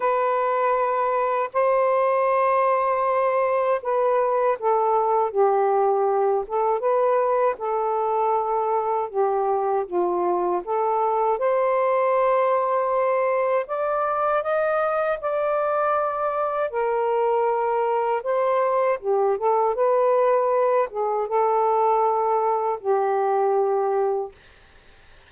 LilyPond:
\new Staff \with { instrumentName = "saxophone" } { \time 4/4 \tempo 4 = 79 b'2 c''2~ | c''4 b'4 a'4 g'4~ | g'8 a'8 b'4 a'2 | g'4 f'4 a'4 c''4~ |
c''2 d''4 dis''4 | d''2 ais'2 | c''4 g'8 a'8 b'4. gis'8 | a'2 g'2 | }